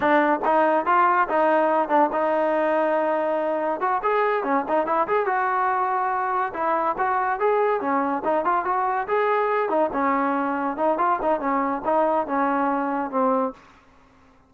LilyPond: \new Staff \with { instrumentName = "trombone" } { \time 4/4 \tempo 4 = 142 d'4 dis'4 f'4 dis'4~ | dis'8 d'8 dis'2.~ | dis'4 fis'8 gis'4 cis'8 dis'8 e'8 | gis'8 fis'2. e'8~ |
e'8 fis'4 gis'4 cis'4 dis'8 | f'8 fis'4 gis'4. dis'8 cis'8~ | cis'4. dis'8 f'8 dis'8 cis'4 | dis'4 cis'2 c'4 | }